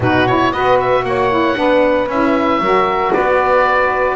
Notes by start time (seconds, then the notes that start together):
0.00 B2 D#4 F#4 B4
0.27 E4 C#5
0.52 B3 F#4 B4 D#5
0.80 E5
1.03 A#3 C#5 F#5
1.30 E4
1.55 B3 D4 B4
2.08 C#4 E4 E5
2.59 F#3 F#4 A#4
3.12 B3 B4 D5